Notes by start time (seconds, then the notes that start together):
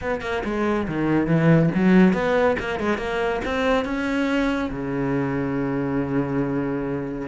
0.01 B3
0.21 A#3
0.44 G#3
0.87 D#3
1.26 E3
1.75 F#3
2.13 B3
2.59 A#3
2.79 G#3
2.97 A#3
3.44 C4
3.85 C#4
4.71 C#3